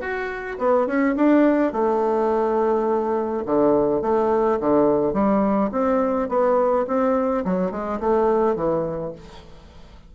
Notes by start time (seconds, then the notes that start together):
0.00 F#4
0.58 B3
0.86 C#4
1.15 D4
1.72 A3
3.45 D3
4.01 A3
4.59 D3
5.13 G3
5.71 C4
6.29 B3
6.87 C4
7.45 F#3
7.71 G#3
7.99 A3
8.55 E3